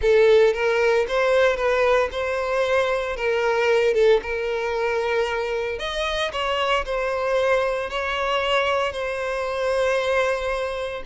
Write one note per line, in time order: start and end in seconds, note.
0.01 0.53 A4
0.53 1.06 A#4
1.07 1.56 C5
1.56 2.09 B4
2.11 3.16 C5
3.16 3.94 A#4
3.94 4.20 A4
4.22 5.78 A#4
5.78 6.31 D#5
6.32 6.84 C#5
6.85 7.90 C5
7.90 8.92 C#5
8.92 11.03 C5